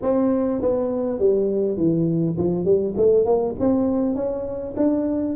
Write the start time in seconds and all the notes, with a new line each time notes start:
0.02 C4
0.61 B3
1.19 G3
1.77 E3
2.37 F3
2.64 G3
2.96 A3
3.25 A#3
3.59 C4
4.15 C#4
4.76 D4